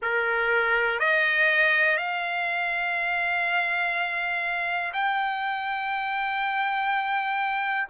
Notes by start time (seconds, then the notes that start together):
0.02 A#4
0.99 D#5
1.97 F5
4.93 G5